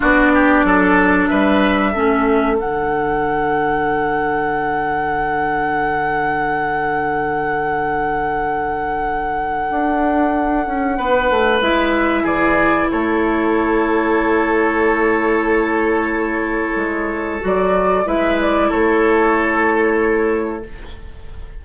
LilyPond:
<<
  \new Staff \with { instrumentName = "flute" } { \time 4/4 \tempo 4 = 93 d''2 e''2 | fis''1~ | fis''1~ | fis''1~ |
fis''2 e''4 d''4 | cis''1~ | cis''2. d''4 | e''8 d''8 cis''2. | }
  \new Staff \with { instrumentName = "oboe" } { \time 4/4 fis'8 g'8 a'4 b'4 a'4~ | a'1~ | a'1~ | a'1~ |
a'4 b'2 gis'4 | a'1~ | a'1 | b'4 a'2. | }
  \new Staff \with { instrumentName = "clarinet" } { \time 4/4 d'2. cis'4 | d'1~ | d'1~ | d'1~ |
d'2 e'2~ | e'1~ | e'2. fis'4 | e'1 | }
  \new Staff \with { instrumentName = "bassoon" } { \time 4/4 b4 fis4 g4 a4 | d1~ | d1~ | d2. d'4~ |
d'8 cis'8 b8 a8 gis4 e4 | a1~ | a2 gis4 fis4 | gis4 a2. | }
>>